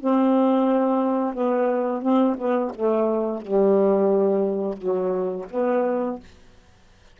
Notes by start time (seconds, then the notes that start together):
0.00 C4
1.34 B3
2.02 C4
2.38 B3
2.75 A3
3.41 G3
4.77 F#3
5.50 B3